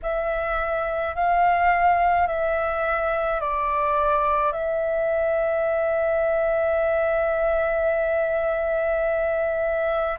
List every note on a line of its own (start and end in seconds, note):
0.02 1.15 E5
1.15 2.27 F5
2.27 3.40 E5
3.40 4.52 D5
4.52 10.18 E5